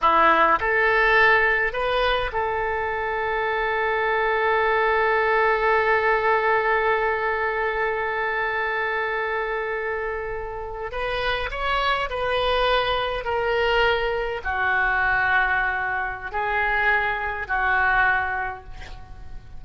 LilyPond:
\new Staff \with { instrumentName = "oboe" } { \time 4/4 \tempo 4 = 103 e'4 a'2 b'4 | a'1~ | a'1~ | a'1~ |
a'2~ a'8. b'4 cis''16~ | cis''8. b'2 ais'4~ ais'16~ | ais'8. fis'2.~ fis'16 | gis'2 fis'2 | }